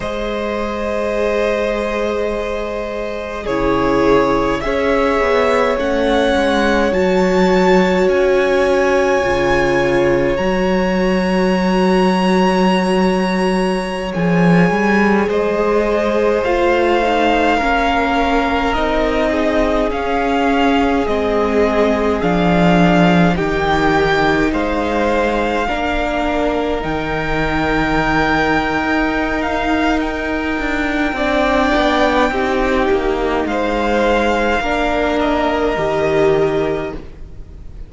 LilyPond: <<
  \new Staff \with { instrumentName = "violin" } { \time 4/4 \tempo 4 = 52 dis''2. cis''4 | e''4 fis''4 a''4 gis''4~ | gis''4 ais''2.~ | ais''16 gis''4 dis''4 f''4.~ f''16~ |
f''16 dis''4 f''4 dis''4 f''8.~ | f''16 g''4 f''2 g''8.~ | g''4. f''8 g''2~ | g''4 f''4. dis''4. | }
  \new Staff \with { instrumentName = "violin" } { \time 4/4 c''2. gis'4 | cis''1~ | cis''1~ | cis''4~ cis''16 c''2 ais'8.~ |
ais'8. gis'2.~ gis'16~ | gis'16 g'4 c''4 ais'4.~ ais'16~ | ais'2. d''4 | g'4 c''4 ais'2 | }
  \new Staff \with { instrumentName = "viola" } { \time 4/4 gis'2. e'4 | gis'4 cis'4 fis'2 | f'4 fis'2.~ | fis'16 gis'2 f'8 dis'8 cis'8.~ |
cis'16 dis'4 cis'4 c'4 d'8.~ | d'16 dis'2 d'4 dis'8.~ | dis'2. d'4 | dis'2 d'4 g'4 | }
  \new Staff \with { instrumentName = "cello" } { \time 4/4 gis2. cis4 | cis'8 b8 a8 gis8 fis4 cis'4 | cis4 fis2.~ | fis16 f8 g8 gis4 a4 ais8.~ |
ais16 c'4 cis'4 gis4 f8.~ | f16 dis4 gis4 ais4 dis8.~ | dis4 dis'4. d'8 c'8 b8 | c'8 ais8 gis4 ais4 dis4 | }
>>